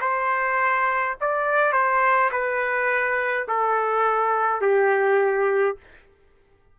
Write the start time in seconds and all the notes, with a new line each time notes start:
0.00 C5
1.21 D5
1.72 C5
2.31 B4
3.48 A4
4.61 G4